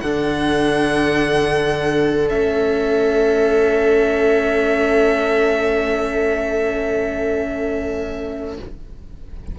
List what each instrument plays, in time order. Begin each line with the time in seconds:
0.00 cello D3 D4, viola A4, violin F#5
2.29 cello A3 C#4, violin E5